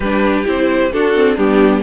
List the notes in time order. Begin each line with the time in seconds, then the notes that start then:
0.00 G3 D4 G4 B4
0.45 C4 E4 C5
0.92 D4 F#4 A4
1.14 C4
1.35 G3 B3 D4 G4